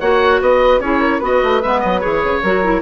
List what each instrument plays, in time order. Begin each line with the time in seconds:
0.00 bassoon A#3, clarinet F#4, flute C#5, oboe F#5
0.41 bassoon B3, flute B4, oboe D#5
0.79 bassoon C#4, clarinet E4, flute G#4, oboe C#5
1.00 flute A#4
1.19 bassoon B3, clarinet F#4, flute B4, oboe D#5
1.43 bassoon A3
1.62 bassoon G#3, clarinet B3, oboe E5
1.80 bassoon F#3, oboe D#5
2.00 bassoon E3, clarinet G#4, oboe C#5
2.24 bassoon C#3
2.42 bassoon F#3, clarinet F#4, flute A#4
2.64 clarinet E4